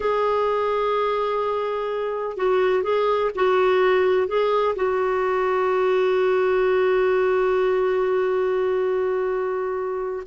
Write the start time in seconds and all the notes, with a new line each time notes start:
0.00 G#4
2.36 F#4
2.83 G#4
3.35 F#4
4.27 G#4
4.75 F#4